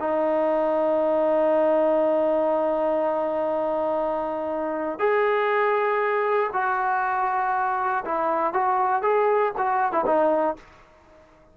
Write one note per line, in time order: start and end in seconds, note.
0.00 4.99 D#4
4.99 6.51 G#4
6.53 8.04 F#4
8.05 8.54 E4
8.54 9.03 F#4
9.03 9.53 G#4
9.58 9.92 F#4
9.92 10.05 E4
10.06 10.57 D#4